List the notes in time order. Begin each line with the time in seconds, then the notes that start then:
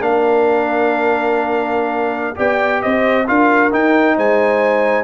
0.00 A#3 D4 A#4 F5
2.36 B3 G4 D5 G5
2.83 C4 C5 D#5
3.27 D4 F4 A#4 F5
3.72 D#4 G5
4.17 G#3 C5 G#5